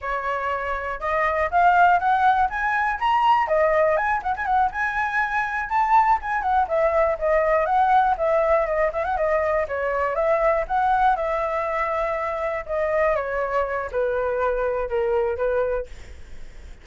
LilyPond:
\new Staff \with { instrumentName = "flute" } { \time 4/4 \tempo 4 = 121 cis''2 dis''4 f''4 | fis''4 gis''4 ais''4 dis''4 | gis''8 fis''16 gis''16 fis''8 gis''2 a''8~ | a''8 gis''8 fis''8 e''4 dis''4 fis''8~ |
fis''8 e''4 dis''8 e''16 fis''16 dis''4 cis''8~ | cis''8 e''4 fis''4 e''4.~ | e''4. dis''4 cis''4. | b'2 ais'4 b'4 | }